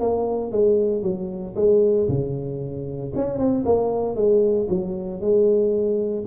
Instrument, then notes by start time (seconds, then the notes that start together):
tuba
0.00 A#3
0.51 G#3
1.02 F#3
1.56 G#3
2.08 C#3
3.16 C#4
3.38 C4
3.65 A#3
4.15 G#3
4.69 F#3
5.21 G#3